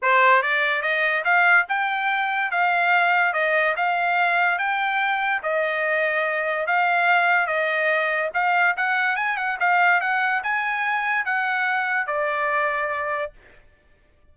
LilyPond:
\new Staff \with { instrumentName = "trumpet" } { \time 4/4 \tempo 4 = 144 c''4 d''4 dis''4 f''4 | g''2 f''2 | dis''4 f''2 g''4~ | g''4 dis''2. |
f''2 dis''2 | f''4 fis''4 gis''8 fis''8 f''4 | fis''4 gis''2 fis''4~ | fis''4 d''2. | }